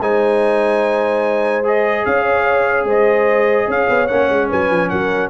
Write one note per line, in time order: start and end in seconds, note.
0.00 2.04 G#3
0.00 1.64 D#4
0.00 2.06 C5
0.00 1.65 G#5
1.64 4.09 G#4
1.64 2.05 D#5
2.05 2.85 C#4
2.05 2.86 C#5
2.05 2.87 F5
2.85 3.66 G#3
2.85 3.67 C5
2.85 3.71 D#5
3.68 3.88 C#4
3.68 4.49 C#5
3.68 4.07 F5
3.90 4.10 B3
4.07 4.30 A#3
4.07 5.30 C#4
4.07 4.48 F#5
4.30 4.50 G#3
4.49 4.70 F#3
4.49 4.90 B4
4.49 4.90 G#5
4.70 4.91 F3
4.90 5.30 F#3
4.90 5.30 A#4
4.90 5.30 F#5